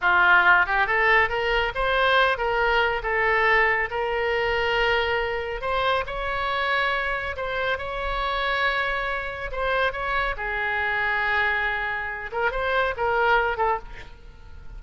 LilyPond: \new Staff \with { instrumentName = "oboe" } { \time 4/4 \tempo 4 = 139 f'4. g'8 a'4 ais'4 | c''4. ais'4. a'4~ | a'4 ais'2.~ | ais'4 c''4 cis''2~ |
cis''4 c''4 cis''2~ | cis''2 c''4 cis''4 | gis'1~ | gis'8 ais'8 c''4 ais'4. a'8 | }